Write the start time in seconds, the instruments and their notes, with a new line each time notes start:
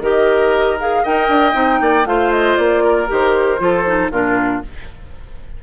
0.00 bassoon D#3, clarinet G4, oboe A#4, flute D#5
0.80 clarinet G#4, flute F5
1.03 bassoon D#4, clarinet A#4, oboe D#5, flute G5
1.28 bassoon D4
1.52 bassoon C4, clarinet D#4
1.80 bassoon A#3, oboe D5
2.05 bassoon A3, clarinet F4, oboe C5, flute F5
2.32 flute D#5
2.56 bassoon A#3, flute D5
2.83 oboe A#4
3.07 bassoon D#3, clarinet G4, flute C5
3.58 bassoon F3, clarinet F4, oboe A4
3.86 clarinet D#4
4.11 bassoon A#2, clarinet D4, oboe F4, flute A#4